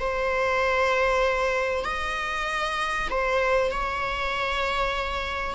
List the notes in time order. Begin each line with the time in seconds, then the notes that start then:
0.00 C5
1.85 D#5
3.10 C5
3.71 C#5